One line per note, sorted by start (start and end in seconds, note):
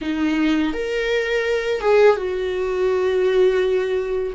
0.01 0.73 D#4
0.73 1.80 A#4
1.80 2.16 G#4
2.16 4.33 F#4